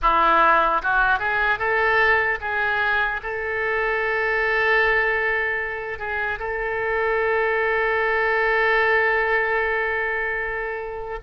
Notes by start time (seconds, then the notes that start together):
0.02 E4
0.82 F#4
1.19 G#4
1.59 A4
2.40 G#4
3.22 A4
5.98 G#4
6.39 A4